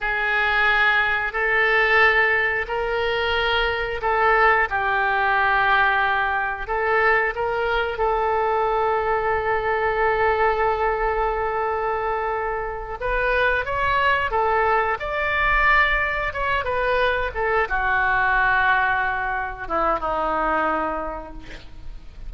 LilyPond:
\new Staff \with { instrumentName = "oboe" } { \time 4/4 \tempo 4 = 90 gis'2 a'2 | ais'2 a'4 g'4~ | g'2 a'4 ais'4 | a'1~ |
a'2.~ a'8 b'8~ | b'8 cis''4 a'4 d''4.~ | d''8 cis''8 b'4 a'8 fis'4.~ | fis'4. e'8 dis'2 | }